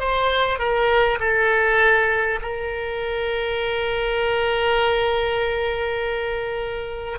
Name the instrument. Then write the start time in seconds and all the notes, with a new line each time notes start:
oboe
0.00 C5
0.59 A#4
1.19 A4
2.42 A#4